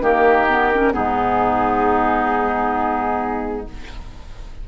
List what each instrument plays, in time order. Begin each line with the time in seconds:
0.00 bassoon D#3, clarinet A#3, oboe G4, flute A#4
0.49 clarinet B3
0.74 clarinet C#4
0.93 bassoon G#2, clarinet B3, oboe D#4, flute G#4